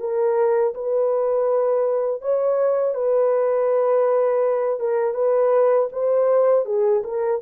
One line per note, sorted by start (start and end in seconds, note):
0.00 0.74 A#4
0.74 2.22 B4
2.22 2.95 C#5
2.95 4.80 B4
4.80 5.14 A#4
5.14 5.89 B4
5.93 6.66 C5
6.66 7.03 G#4
7.04 7.41 A#4